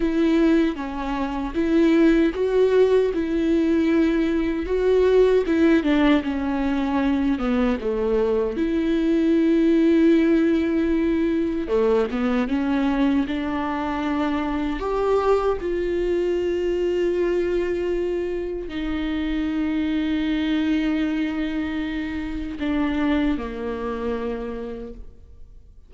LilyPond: \new Staff \with { instrumentName = "viola" } { \time 4/4 \tempo 4 = 77 e'4 cis'4 e'4 fis'4 | e'2 fis'4 e'8 d'8 | cis'4. b8 a4 e'4~ | e'2. a8 b8 |
cis'4 d'2 g'4 | f'1 | dis'1~ | dis'4 d'4 ais2 | }